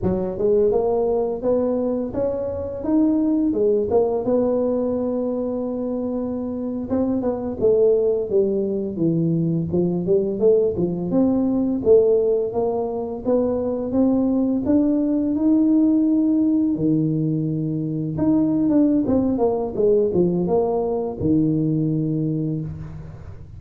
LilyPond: \new Staff \with { instrumentName = "tuba" } { \time 4/4 \tempo 4 = 85 fis8 gis8 ais4 b4 cis'4 | dis'4 gis8 ais8 b2~ | b4.~ b16 c'8 b8 a4 g16~ | g8. e4 f8 g8 a8 f8 c'16~ |
c'8. a4 ais4 b4 c'16~ | c'8. d'4 dis'2 dis16~ | dis4.~ dis16 dis'8. d'8 c'8 ais8 | gis8 f8 ais4 dis2 | }